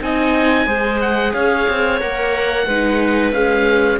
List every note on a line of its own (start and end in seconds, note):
0.00 0.66 C4
0.00 0.66 D#4
0.00 0.65 D#5
0.00 1.00 G#5
0.65 1.32 G#3
0.65 2.00 G#4
0.65 1.32 C5
1.00 1.33 F#5
1.33 1.67 C#4
1.33 2.65 C#5
1.33 2.00 F5
1.69 2.01 C4
2.00 2.66 A#3
2.00 2.66 A#4
2.00 3.32 F#5
2.65 3.32 G#3
2.65 3.33 D#4
2.65 3.99 B4
3.32 3.99 G#3
3.32 3.98 C#4
3.32 3.99 F5